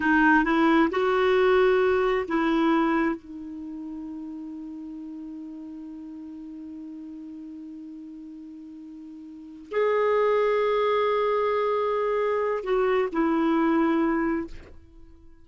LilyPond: \new Staff \with { instrumentName = "clarinet" } { \time 4/4 \tempo 4 = 133 dis'4 e'4 fis'2~ | fis'4 e'2 dis'4~ | dis'1~ | dis'1~ |
dis'1~ | dis'4. gis'2~ gis'8~ | gis'1 | fis'4 e'2. | }